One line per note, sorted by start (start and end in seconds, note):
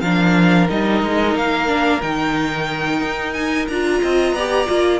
0.00 0.68 F3
0.00 0.68 D4
0.00 4.01 A#4
0.00 0.67 F5
0.68 1.02 G3
0.68 1.67 D#4
0.68 1.36 D#5
1.02 1.34 G#3
1.34 2.01 A#3
1.34 2.01 F5
1.67 2.00 D4
2.01 3.01 D#3
2.01 3.69 D#4
2.01 3.33 G5
3.01 3.68 D#4
3.33 3.66 G#5
3.67 4.02 D4
3.67 4.38 F4
3.67 4.99 A#5
4.01 4.33 C4
4.01 4.35 D#5
4.33 4.66 B3
4.33 4.67 G4
4.33 4.99 D5
4.67 4.99 A#3
4.67 4.99 F4